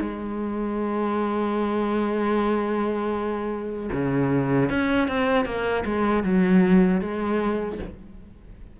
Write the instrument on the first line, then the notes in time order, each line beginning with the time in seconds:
cello
0.00 G#3
3.92 C#3
4.69 C#4
5.08 C4
5.45 A#3
5.85 G#3
6.23 F#3
7.00 G#3